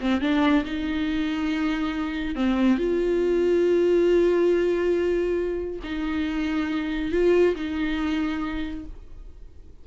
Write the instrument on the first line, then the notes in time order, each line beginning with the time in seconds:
viola
0.00 C4
0.21 D4
0.65 D#4
2.35 C4
2.77 F4
5.83 D#4
7.12 F4
7.55 D#4